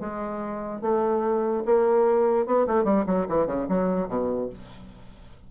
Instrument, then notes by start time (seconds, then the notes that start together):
bassoon
0.00 G#3
0.82 A3
1.66 A#3
2.46 B3
2.67 A3
2.84 G3
3.07 F#3
3.29 E3
3.47 C#3
3.69 F#3
4.09 B2